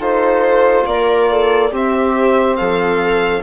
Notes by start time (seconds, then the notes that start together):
0.00 D#4 F4 A4 C5
0.87 A#3 A#4 D5
1.31 A4
1.71 C4 G4 E5
2.57 F3 A4 F5